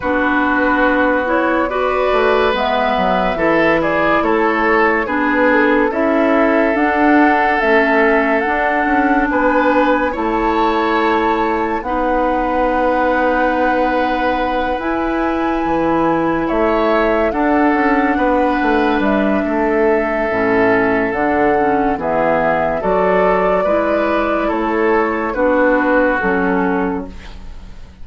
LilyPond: <<
  \new Staff \with { instrumentName = "flute" } { \time 4/4 \tempo 4 = 71 b'4. cis''8 d''4 e''4~ | e''8 d''8 cis''4 b'8 a'8 e''4 | fis''4 e''4 fis''4 gis''4 | a''2 fis''2~ |
fis''4. gis''2 e''8~ | e''8 fis''2 e''4.~ | e''4 fis''4 e''4 d''4~ | d''4 cis''4 b'4 a'4 | }
  \new Staff \with { instrumentName = "oboe" } { \time 4/4 fis'2 b'2 | a'8 gis'8 a'4 gis'4 a'4~ | a'2. b'4 | cis''2 b'2~ |
b'2.~ b'8 cis''8~ | cis''8 a'4 b'4. a'4~ | a'2 gis'4 a'4 | b'4 a'4 fis'2 | }
  \new Staff \with { instrumentName = "clarinet" } { \time 4/4 d'4. e'8 fis'4 b4 | e'2 d'4 e'4 | d'4 cis'4 d'2 | e'2 dis'2~ |
dis'4. e'2~ e'8~ | e'8 d'2.~ d'8 | cis'4 d'8 cis'8 b4 fis'4 | e'2 d'4 cis'4 | }
  \new Staff \with { instrumentName = "bassoon" } { \time 4/4 b2~ b8 a8 gis8 fis8 | e4 a4 b4 cis'4 | d'4 a4 d'8 cis'8 b4 | a2 b2~ |
b4. e'4 e4 a8~ | a8 d'8 cis'8 b8 a8 g8 a4 | a,4 d4 e4 fis4 | gis4 a4 b4 fis4 | }
>>